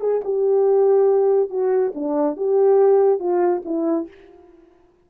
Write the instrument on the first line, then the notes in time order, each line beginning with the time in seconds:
horn
0.00 G#4
0.24 G4
1.49 F#4
1.95 D4
2.37 G4
3.19 F4
3.65 E4